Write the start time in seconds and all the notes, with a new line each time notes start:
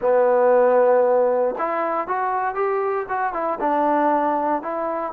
0.01 B3
1.58 E4
2.07 F#4
2.54 G4
3.09 F#4
3.33 E4
3.59 D4
4.62 E4